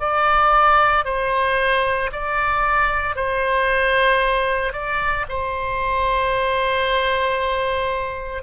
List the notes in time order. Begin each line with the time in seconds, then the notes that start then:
0.00 D5
1.05 C5
2.12 D5
3.16 C5
4.73 D5
5.29 C5